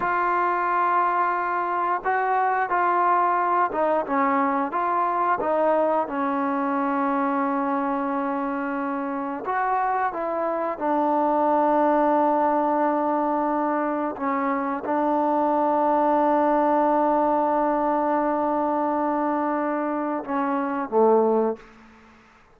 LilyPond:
\new Staff \with { instrumentName = "trombone" } { \time 4/4 \tempo 4 = 89 f'2. fis'4 | f'4. dis'8 cis'4 f'4 | dis'4 cis'2.~ | cis'2 fis'4 e'4 |
d'1~ | d'4 cis'4 d'2~ | d'1~ | d'2 cis'4 a4 | }